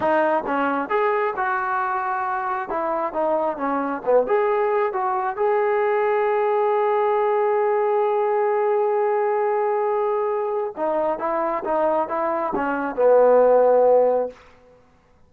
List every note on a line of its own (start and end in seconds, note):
0.00 0.43 D#4
0.46 0.89 C#4
0.89 1.34 G#4
1.36 2.69 F#4
2.69 3.13 E4
3.13 3.57 D#4
3.57 4.02 C#4
4.05 4.26 B3
4.26 4.93 G#4
4.93 5.36 F#4
5.36 10.73 G#4
10.76 11.18 D#4
11.18 11.63 E4
11.64 12.08 D#4
12.08 12.53 E4
12.55 12.95 C#4
12.95 14.29 B3